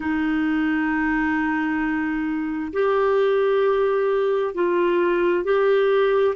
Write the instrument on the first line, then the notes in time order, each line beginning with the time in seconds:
clarinet
0.00 D#4
2.73 G4
4.54 F4
5.43 G4